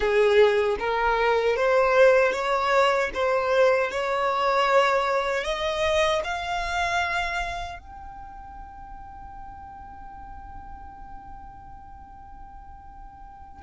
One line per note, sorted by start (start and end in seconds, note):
0.00 0.76 G#4
0.79 1.56 A#4
1.56 2.32 C5
2.32 3.10 C#5
3.14 3.91 C5
3.91 5.44 C#5
5.44 6.22 D#5
6.24 7.79 F5
7.79 13.62 G5